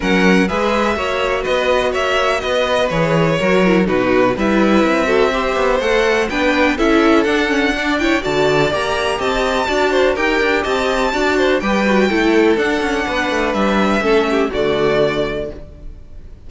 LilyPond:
<<
  \new Staff \with { instrumentName = "violin" } { \time 4/4 \tempo 4 = 124 fis''4 e''2 dis''4 | e''4 dis''4 cis''2 | b'4 e''2. | fis''4 g''4 e''4 fis''4~ |
fis''8 g''8 a''4 ais''4 a''4~ | a''4 g''4 a''2 | g''2 fis''2 | e''2 d''2 | }
  \new Staff \with { instrumentName = "violin" } { \time 4/4 ais'4 b'4 cis''4 b'4 | cis''4 b'2 ais'4 | fis'4 b'4. a'8 c''4~ | c''4 b'4 a'2 |
d''8 cis''8 d''2 dis''4 | d''8 c''8 ais'4 dis''4 d''8 c''8 | b'4 a'2 b'4~ | b'4 a'8 g'8 fis'2 | }
  \new Staff \with { instrumentName = "viola" } { \time 4/4 cis'4 gis'4 fis'2~ | fis'2 gis'4 fis'8 e'8 | dis'4 e'4. fis'8 g'4 | a'4 d'4 e'4 d'8 cis'8 |
d'8 e'8 fis'4 g'2 | fis'4 g'2 fis'4 | g'8 fis'8 e'4 d'2~ | d'4 cis'4 a2 | }
  \new Staff \with { instrumentName = "cello" } { \time 4/4 fis4 gis4 ais4 b4 | ais4 b4 e4 fis4 | b,4 g4 c'4. b8 | a4 b4 cis'4 d'4~ |
d'4 d4 ais4 c'4 | d'4 dis'8 d'8 c'4 d'4 | g4 a4 d'8 cis'8 b8 a8 | g4 a4 d2 | }
>>